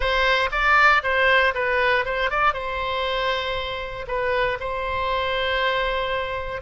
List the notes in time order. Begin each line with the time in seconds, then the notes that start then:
0.00 C5
0.51 D5
1.03 C5
1.54 B4
2.05 C5
2.30 D5
2.53 C5
4.07 B4
4.59 C5